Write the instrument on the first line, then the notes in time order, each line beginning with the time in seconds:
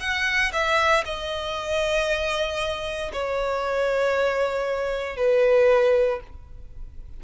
violin
0.00 F#5
0.53 E5
1.05 D#5
3.13 C#5
5.17 B4